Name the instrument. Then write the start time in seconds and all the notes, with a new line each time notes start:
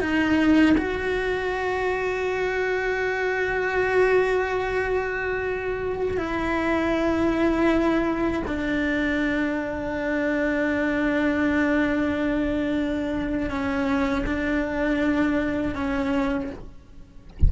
cello
0.00 D#4
0.77 F#4
6.17 E4
8.47 D4
13.50 C#4
14.26 D4
15.75 C#4